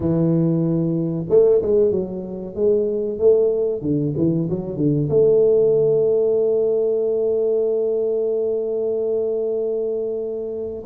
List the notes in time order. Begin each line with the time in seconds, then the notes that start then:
0.00 E3
1.29 A3
1.61 G#3
1.91 F#3
2.55 G#3
3.18 A3
3.81 D3
4.16 E3
4.49 F#3
4.76 D3
5.09 A3